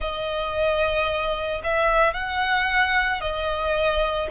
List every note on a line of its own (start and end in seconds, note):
0.00 1.61 D#5
1.63 2.13 E5
2.13 3.20 F#5
3.20 4.28 D#5